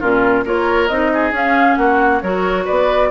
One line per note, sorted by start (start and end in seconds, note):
0.00 0.45 A#2
0.00 0.45 C#4
0.00 0.44 F4
0.00 0.45 A#4
0.45 0.89 A#3
0.45 0.89 F4
0.45 1.11 A#4
0.45 0.88 C#5
0.88 1.31 C4
0.88 1.33 D#4
0.88 1.32 D#5
1.13 1.79 G#4
1.31 1.76 C#4
1.31 2.22 C#4
1.31 1.75 F5
1.75 2.22 A#3
1.75 2.23 F#4
1.75 2.20 F#5
2.21 2.67 F#3
2.21 3.10 F#4
2.21 2.64 A#4
2.21 2.65 C#5
2.64 3.09 B4
2.64 3.10 D5
2.70 3.10 B3